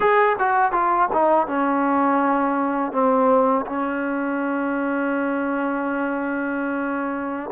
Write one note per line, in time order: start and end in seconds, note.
0.00 0.36 G#4
0.39 0.72 F#4
0.72 1.08 F4
1.12 1.47 D#4
1.47 2.92 C#4
2.92 3.65 C4
3.66 7.50 C#4